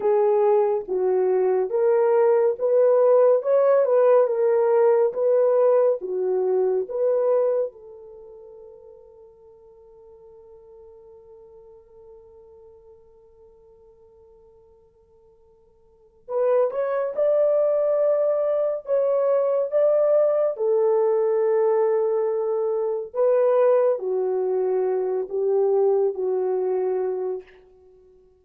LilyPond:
\new Staff \with { instrumentName = "horn" } { \time 4/4 \tempo 4 = 70 gis'4 fis'4 ais'4 b'4 | cis''8 b'8 ais'4 b'4 fis'4 | b'4 a'2.~ | a'1~ |
a'2. b'8 cis''8 | d''2 cis''4 d''4 | a'2. b'4 | fis'4. g'4 fis'4. | }